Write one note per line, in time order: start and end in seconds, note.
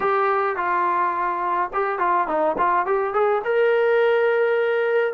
0.00 0.56 G4
0.56 1.70 F4
1.73 1.98 G4
1.98 2.27 F4
2.27 2.56 D#4
2.57 2.85 F4
2.85 3.13 G4
3.13 3.42 G#4
3.44 5.13 A#4